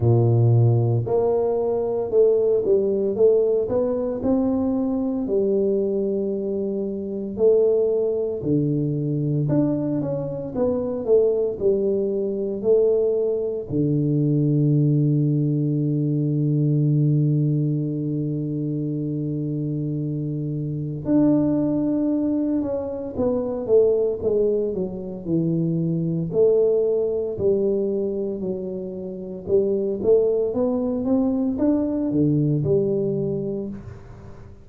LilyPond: \new Staff \with { instrumentName = "tuba" } { \time 4/4 \tempo 4 = 57 ais,4 ais4 a8 g8 a8 b8 | c'4 g2 a4 | d4 d'8 cis'8 b8 a8 g4 | a4 d2.~ |
d1 | d'4. cis'8 b8 a8 gis8 fis8 | e4 a4 g4 fis4 | g8 a8 b8 c'8 d'8 d8 g4 | }